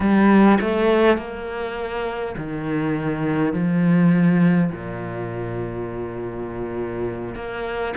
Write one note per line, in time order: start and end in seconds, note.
0.00 0.58 G3
0.60 1.17 A3
1.17 2.35 A#3
2.37 3.53 D#3
3.53 4.71 F3
4.71 7.35 A#2
7.35 7.94 A#3